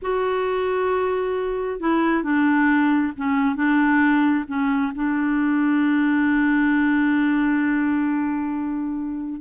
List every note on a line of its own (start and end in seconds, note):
0.02 1.80 F#4
1.80 2.23 E4
2.23 3.12 D4
3.17 3.55 C#4
3.55 4.45 D4
4.47 4.92 C#4
4.95 9.41 D4